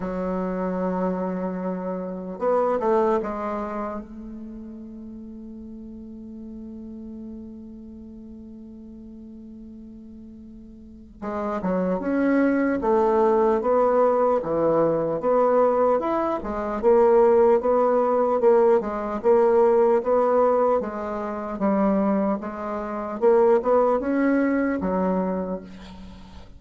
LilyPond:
\new Staff \with { instrumentName = "bassoon" } { \time 4/4 \tempo 4 = 75 fis2. b8 a8 | gis4 a2.~ | a1~ | a2 gis8 fis8 cis'4 |
a4 b4 e4 b4 | e'8 gis8 ais4 b4 ais8 gis8 | ais4 b4 gis4 g4 | gis4 ais8 b8 cis'4 fis4 | }